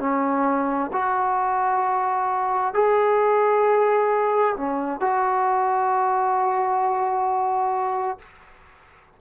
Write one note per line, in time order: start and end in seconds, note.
0.00 0.91 C#4
0.93 2.74 F#4
2.74 4.56 G#4
4.57 5.01 C#4
5.01 8.19 F#4